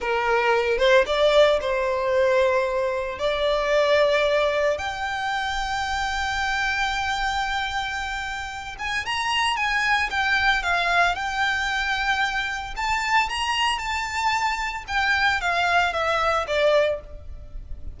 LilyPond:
\new Staff \with { instrumentName = "violin" } { \time 4/4 \tempo 4 = 113 ais'4. c''8 d''4 c''4~ | c''2 d''2~ | d''4 g''2.~ | g''1~ |
g''8 gis''8 ais''4 gis''4 g''4 | f''4 g''2. | a''4 ais''4 a''2 | g''4 f''4 e''4 d''4 | }